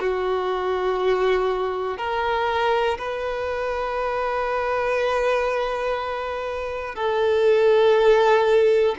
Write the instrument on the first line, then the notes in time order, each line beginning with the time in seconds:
violin
0.00 F#4
1.98 A#4
2.98 B4
6.95 A4